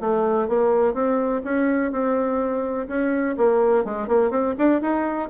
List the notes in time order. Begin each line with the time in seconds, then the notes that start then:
0.00 A3
0.48 A#3
0.94 C4
1.44 C#4
1.91 C4
2.88 C#4
3.37 A#3
3.84 G#3
4.07 A#3
4.30 C4
4.58 D4
4.81 D#4